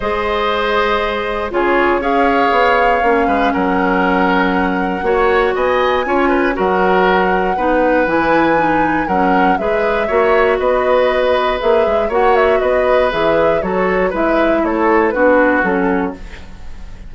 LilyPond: <<
  \new Staff \with { instrumentName = "flute" } { \time 4/4 \tempo 4 = 119 dis''2. cis''4 | f''2. fis''4~ | fis''2. gis''4~ | gis''4 fis''2. |
gis''2 fis''4 e''4~ | e''4 dis''2 e''4 | fis''8 e''8 dis''4 e''4 cis''4 | e''4 cis''4 b'4 a'4 | }
  \new Staff \with { instrumentName = "oboe" } { \time 4/4 c''2. gis'4 | cis''2~ cis''8 b'8 ais'4~ | ais'2 cis''4 dis''4 | cis''8 b'8 ais'2 b'4~ |
b'2 ais'4 b'4 | cis''4 b'2. | cis''4 b'2 a'4 | b'4 a'4 fis'2 | }
  \new Staff \with { instrumentName = "clarinet" } { \time 4/4 gis'2. f'4 | gis'2 cis'2~ | cis'2 fis'2 | f'4 fis'2 dis'4 |
e'4 dis'4 cis'4 gis'4 | fis'2. gis'4 | fis'2 gis'4 fis'4 | e'2 d'4 cis'4 | }
  \new Staff \with { instrumentName = "bassoon" } { \time 4/4 gis2. cis4 | cis'4 b4 ais8 gis8 fis4~ | fis2 ais4 b4 | cis'4 fis2 b4 |
e2 fis4 gis4 | ais4 b2 ais8 gis8 | ais4 b4 e4 fis4 | gis4 a4 b4 fis4 | }
>>